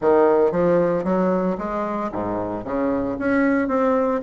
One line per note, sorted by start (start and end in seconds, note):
0.01 0.51 D#3
0.51 1.04 F3
1.04 1.56 F#3
1.58 2.11 G#3
2.12 2.64 G#2
2.64 3.17 C#3
3.18 3.68 C#4
3.68 4.20 C4